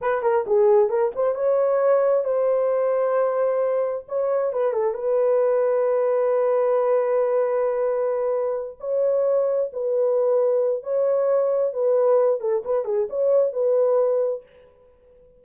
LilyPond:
\new Staff \with { instrumentName = "horn" } { \time 4/4 \tempo 4 = 133 b'8 ais'8 gis'4 ais'8 c''8 cis''4~ | cis''4 c''2.~ | c''4 cis''4 b'8 a'8 b'4~ | b'1~ |
b'2.~ b'8 cis''8~ | cis''4. b'2~ b'8 | cis''2 b'4. a'8 | b'8 gis'8 cis''4 b'2 | }